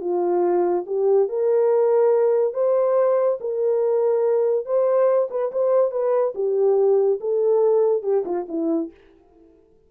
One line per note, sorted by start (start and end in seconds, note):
0.00 0.85 F4
0.86 1.28 G4
1.28 2.53 A#4
2.53 3.38 C5
3.40 4.65 A#4
4.65 5.28 C5
5.30 5.51 B4
5.52 5.91 C5
5.91 6.33 B4
6.35 7.19 G4
7.20 8.02 A4
8.02 8.24 G4
8.25 8.46 F4
8.48 8.90 E4